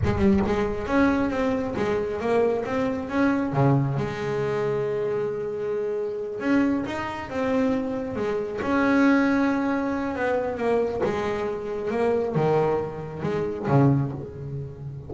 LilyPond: \new Staff \with { instrumentName = "double bass" } { \time 4/4 \tempo 4 = 136 gis8 g8 gis4 cis'4 c'4 | gis4 ais4 c'4 cis'4 | cis4 gis2.~ | gis2~ gis8 cis'4 dis'8~ |
dis'8 c'2 gis4 cis'8~ | cis'2. b4 | ais4 gis2 ais4 | dis2 gis4 cis4 | }